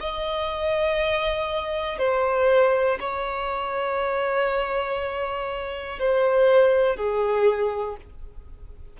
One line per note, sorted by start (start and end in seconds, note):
0.00 1.99 D#5
1.99 2.99 C5
3.00 5.99 C#5
5.99 6.96 C5
6.96 7.96 G#4